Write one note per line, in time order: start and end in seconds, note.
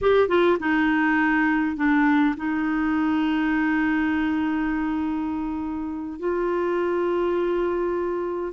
0.01 0.28 G4
0.28 0.57 F4
0.59 1.76 D#4
1.76 2.35 D4
2.36 6.19 D#4
6.19 8.53 F4